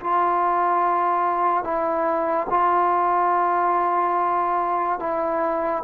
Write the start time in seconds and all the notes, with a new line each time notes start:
0.00 F4
1.64 E4
2.50 F4
5.00 E4